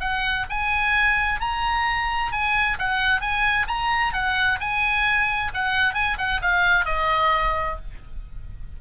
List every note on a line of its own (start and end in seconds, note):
0.00 0.46 F#5
0.49 1.40 G#5
1.40 2.32 A#5
2.32 2.78 G#5
2.79 3.21 F#5
3.21 3.66 G#5
3.67 4.13 A#5
4.13 4.59 F#5
4.60 5.51 G#5
5.54 5.94 F#5
5.94 6.17 G#5
6.18 6.41 F#5
6.41 6.85 F5
6.85 7.77 D#5